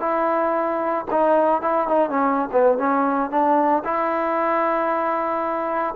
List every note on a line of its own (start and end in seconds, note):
0.00 1.05 E4
1.11 1.62 D#4
1.62 1.88 E4
1.88 2.10 D#4
2.10 2.49 C#4
2.52 2.78 B3
2.78 3.31 C#4
3.31 3.83 D4
3.84 5.95 E4